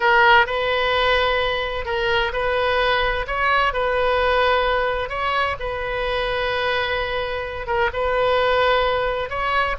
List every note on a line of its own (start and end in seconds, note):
0.00 0.46 A#4
0.46 1.85 B4
1.85 2.32 A#4
2.33 3.26 B4
3.27 3.73 C#5
3.73 5.09 B4
5.09 5.55 C#5
5.59 7.66 B4
7.66 7.89 A#4
7.93 9.29 B4
9.29 9.75 C#5